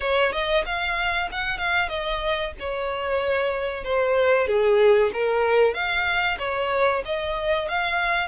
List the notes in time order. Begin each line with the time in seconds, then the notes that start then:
0.00 C#5
0.32 D#5
0.65 F5
1.31 F#5
1.58 F5
1.89 D#5
2.59 C#5
3.84 C5
4.47 G#4
5.13 A#4
5.73 F5
6.39 C#5
7.05 D#5
7.68 F5